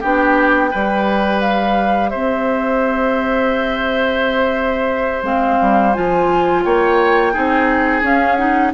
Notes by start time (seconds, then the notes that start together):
0.00 B3 D4 G4 G5
0.71 G3 G4 B4
1.41 F5
2.09 C4 C5 E5
5.22 G#3 C4 F5
5.61 G3
5.93 F3 F4 G#5
6.63 A#3 C#5 G5
7.33 C4 D#4 G#4
8.02 C#4 F5
8.35 D#4 F#5